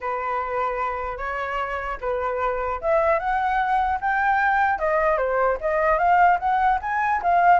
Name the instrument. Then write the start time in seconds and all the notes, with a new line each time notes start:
flute
0.01 B4
1.17 C#5
2.00 B4
2.81 E5
3.19 F#5
4.00 G5
4.79 D#5
5.17 C5
5.60 D#5
5.98 F5
6.39 F#5
6.81 G#5
7.22 F5